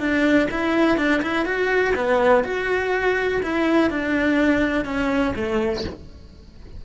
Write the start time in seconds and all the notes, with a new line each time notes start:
0.00 D4
0.51 E4
0.98 D4
1.22 E4
1.45 F#4
1.95 B3
2.44 F#4
3.43 E4
3.90 D4
4.85 C#4
5.36 A3